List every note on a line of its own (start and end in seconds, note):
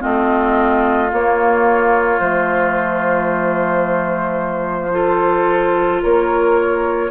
0.00 1.12 A3
0.00 1.09 C4
0.00 4.91 F4
0.00 1.11 D#5
1.10 2.20 A#3
1.10 2.20 C#5
2.20 6.02 F3
2.20 4.91 A3
2.20 6.02 C5
4.91 7.09 F4
4.91 6.02 A4
6.02 7.10 A#3
6.02 7.10 A#4
6.02 7.10 C#5